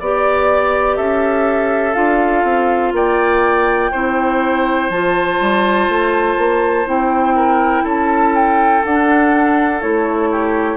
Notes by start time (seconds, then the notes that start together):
0.00 B3 G4 D5
0.97 C#4 A4 E5
1.94 D4 F4 F5
2.44 C4
2.93 A#3 D5 G5
3.92 C4 E4 C5
4.90 F3 F4 A5
5.41 G3
5.89 A3
6.38 A#3
6.86 C4 E4 G5
7.36 A#4
7.84 C#4 A4 A5
8.36 G5
8.85 D4 F#5
9.81 A3 E4 C#5
10.32 G4